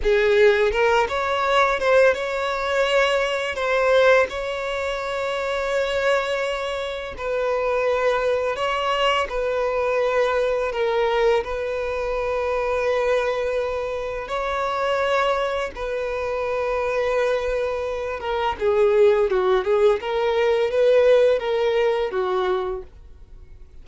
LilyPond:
\new Staff \with { instrumentName = "violin" } { \time 4/4 \tempo 4 = 84 gis'4 ais'8 cis''4 c''8 cis''4~ | cis''4 c''4 cis''2~ | cis''2 b'2 | cis''4 b'2 ais'4 |
b'1 | cis''2 b'2~ | b'4. ais'8 gis'4 fis'8 gis'8 | ais'4 b'4 ais'4 fis'4 | }